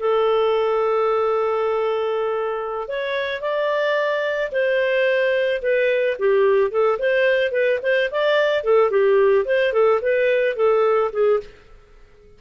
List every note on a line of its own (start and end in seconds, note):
0.00 2.88 A4
2.88 3.42 C#5
3.42 4.52 D5
4.52 5.62 C5
5.62 6.18 B4
6.19 6.71 G4
6.71 6.99 A4
6.99 7.52 C5
7.52 7.80 B4
7.83 8.10 C5
8.11 8.64 D5
8.64 8.91 A4
8.91 9.46 G4
9.46 9.73 C5
9.73 10.01 A4
10.02 10.56 B4
10.56 11.11 A4
11.13 11.40 G#4